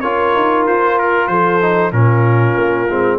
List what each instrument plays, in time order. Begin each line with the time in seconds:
0.00 tuba C#4, trombone F4, horn A#4, trumpet C#5
0.35 tuba D#4
0.66 tuba F4, trumpet C5
0.98 trumpet A#4
1.27 tuba F3, horn A4, trumpet C5
1.61 trombone D#4
1.92 tuba A#2, trombone C#4, horn F4, trumpet A#4
2.57 tuba A#3
2.88 tuba G#3, trombone C4